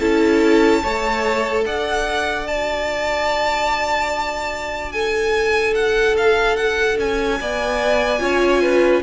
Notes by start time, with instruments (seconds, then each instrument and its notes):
0.00 cello C#4, viola E4, violin A4 A5
0.82 cello A3, viola A4, violin C#5
1.65 cello D4, violin D5 F#5
2.47 viola F#4, violin A5
4.92 violin A4 G#5
5.75 violin F#5
6.17 violin F5
6.57 violin F#5
6.99 cello C#4, violin G#5
7.41 cello B3, violin D5
8.20 cello C#4, viola F4, violin C#5
8.62 violin B4